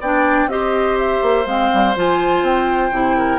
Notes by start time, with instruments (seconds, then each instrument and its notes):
0.00 bassoon B3, clarinet D4, oboe D5, flute G5
0.46 bassoon C4, clarinet G4, flute D#5
0.52 oboe C5
0.98 flute E5
1.22 bassoon A#3
1.45 bassoon G#3, clarinet C4, flute F5
1.73 bassoon G3
1.96 bassoon F3, clarinet F4, flute G#5
2.42 bassoon C4, flute G5
2.91 bassoon C3, clarinet E4
3.17 oboe A#4